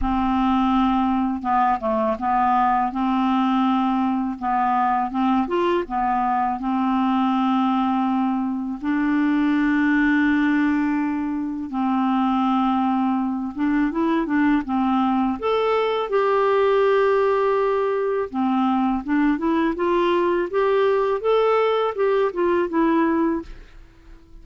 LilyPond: \new Staff \with { instrumentName = "clarinet" } { \time 4/4 \tempo 4 = 82 c'2 b8 a8 b4 | c'2 b4 c'8 f'8 | b4 c'2. | d'1 |
c'2~ c'8 d'8 e'8 d'8 | c'4 a'4 g'2~ | g'4 c'4 d'8 e'8 f'4 | g'4 a'4 g'8 f'8 e'4 | }